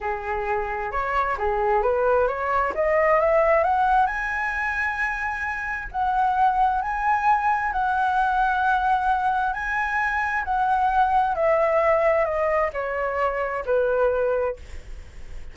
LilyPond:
\new Staff \with { instrumentName = "flute" } { \time 4/4 \tempo 4 = 132 gis'2 cis''4 gis'4 | b'4 cis''4 dis''4 e''4 | fis''4 gis''2.~ | gis''4 fis''2 gis''4~ |
gis''4 fis''2.~ | fis''4 gis''2 fis''4~ | fis''4 e''2 dis''4 | cis''2 b'2 | }